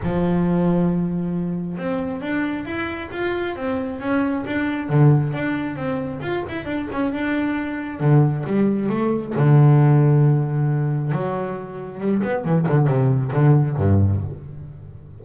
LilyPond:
\new Staff \with { instrumentName = "double bass" } { \time 4/4 \tempo 4 = 135 f1 | c'4 d'4 e'4 f'4 | c'4 cis'4 d'4 d4 | d'4 c'4 f'8 e'8 d'8 cis'8 |
d'2 d4 g4 | a4 d2.~ | d4 fis2 g8 b8 | e8 d8 c4 d4 g,4 | }